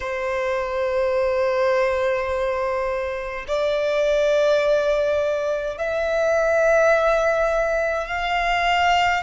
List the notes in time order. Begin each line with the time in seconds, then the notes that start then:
0.00 C5
3.47 D5
5.77 E5
8.07 F5